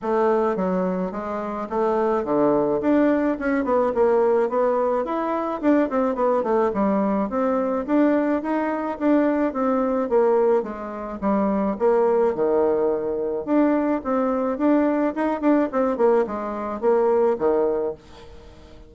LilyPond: \new Staff \with { instrumentName = "bassoon" } { \time 4/4 \tempo 4 = 107 a4 fis4 gis4 a4 | d4 d'4 cis'8 b8 ais4 | b4 e'4 d'8 c'8 b8 a8 | g4 c'4 d'4 dis'4 |
d'4 c'4 ais4 gis4 | g4 ais4 dis2 | d'4 c'4 d'4 dis'8 d'8 | c'8 ais8 gis4 ais4 dis4 | }